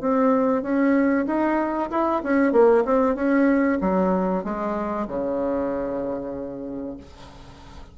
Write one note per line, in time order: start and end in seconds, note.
0.00 0.62 C4
0.62 1.25 C#4
1.26 1.89 D#4
1.90 2.21 E4
2.23 2.52 C#4
2.52 2.83 A#3
2.84 3.15 C4
3.15 3.78 C#4
3.80 4.44 F#3
4.44 5.07 G#3
5.07 6.97 C#3